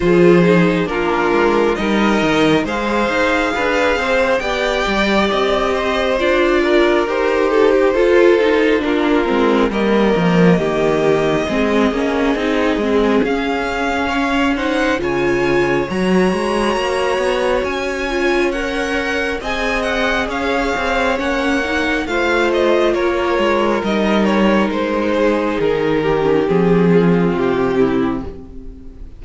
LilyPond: <<
  \new Staff \with { instrumentName = "violin" } { \time 4/4 \tempo 4 = 68 c''4 ais'4 dis''4 f''4~ | f''4 g''4 dis''4 d''4 | c''2 ais'4 dis''4~ | dis''2. f''4~ |
f''8 fis''8 gis''4 ais''2 | gis''4 fis''4 gis''8 fis''8 f''4 | fis''4 f''8 dis''8 cis''4 dis''8 cis''8 | c''4 ais'4 gis'4 g'4 | }
  \new Staff \with { instrumentName = "violin" } { \time 4/4 gis'4 f'4 ais'4 c''4 | b'8 c''8 d''4. c''4 ais'8~ | ais'8 a'16 g'16 a'4 f'4 ais'4 | g'4 gis'2. |
cis''8 c''8 cis''2.~ | cis''2 dis''4 cis''4~ | cis''4 c''4 ais'2~ | ais'8 gis'4 g'4 f'4 e'8 | }
  \new Staff \with { instrumentName = "viola" } { \time 4/4 f'8 dis'8 d'4 dis'4 gis'4~ | gis'4 g'2 f'4 | g'4 f'8 dis'8 d'8 c'8 ais4~ | ais4 c'8 cis'8 dis'8 c'8 cis'4~ |
cis'8 dis'8 f'4 fis'2~ | fis'8 f'8 ais'4 gis'2 | cis'8 dis'8 f'2 dis'4~ | dis'4.~ dis'16 cis'16 c'2 | }
  \new Staff \with { instrumentName = "cello" } { \time 4/4 f4 ais8 gis8 g8 dis8 gis8 dis'8 | d'8 c'8 b8 g8 c'4 d'4 | dis'4 f'4 ais8 gis8 g8 f8 | dis4 gis8 ais8 c'8 gis8 cis'4~ |
cis'4 cis4 fis8 gis8 ais8 b8 | cis'2 c'4 cis'8 c'8 | ais4 a4 ais8 gis8 g4 | gis4 dis4 f4 c4 | }
>>